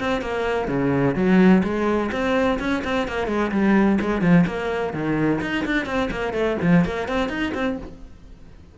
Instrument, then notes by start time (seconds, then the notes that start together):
cello
0.00 C4
0.22 A#3
0.68 C#3
1.16 F#3
1.64 G#3
2.12 C4
2.60 C#4
2.85 C4
3.08 A#3
3.28 G#3
3.52 G3
4.01 G#3
4.22 F3
4.47 A#3
4.94 D#3
5.42 D#4
5.66 D4
5.86 C4
6.11 A#3
6.34 A3
6.62 F3
6.85 A#3
7.09 C4
7.29 D#4
7.55 C4